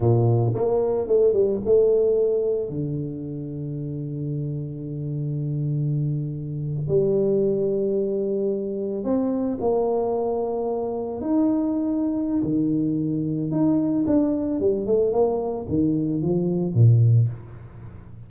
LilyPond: \new Staff \with { instrumentName = "tuba" } { \time 4/4 \tempo 4 = 111 ais,4 ais4 a8 g8 a4~ | a4 d2.~ | d1~ | d8. g2.~ g16~ |
g8. c'4 ais2~ ais16~ | ais8. dis'2~ dis'16 dis4~ | dis4 dis'4 d'4 g8 a8 | ais4 dis4 f4 ais,4 | }